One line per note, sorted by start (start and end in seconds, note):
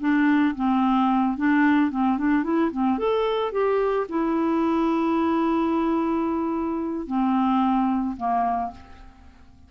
0.00 0.55 D4
0.55 1.37 C4
1.37 1.91 D4
1.91 2.18 C4
2.18 2.43 D4
2.43 2.71 E4
2.71 2.98 C4
2.98 3.52 A4
3.52 4.07 G4
4.09 7.07 E4
7.07 8.16 C4
8.17 8.71 A#3